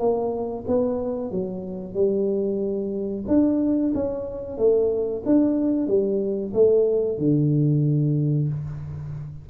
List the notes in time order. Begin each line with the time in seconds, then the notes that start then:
0.00 A#3
0.68 B3
1.32 F#3
1.95 G3
3.28 D4
3.95 C#4
4.58 A3
5.26 D4
5.88 G3
6.54 A3
7.18 D3